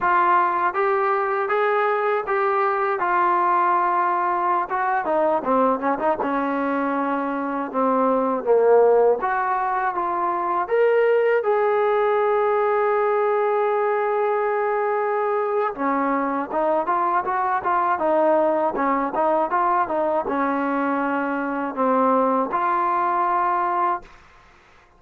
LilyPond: \new Staff \with { instrumentName = "trombone" } { \time 4/4 \tempo 4 = 80 f'4 g'4 gis'4 g'4 | f'2~ f'16 fis'8 dis'8 c'8 cis'16 | dis'16 cis'2 c'4 ais8.~ | ais16 fis'4 f'4 ais'4 gis'8.~ |
gis'1~ | gis'4 cis'4 dis'8 f'8 fis'8 f'8 | dis'4 cis'8 dis'8 f'8 dis'8 cis'4~ | cis'4 c'4 f'2 | }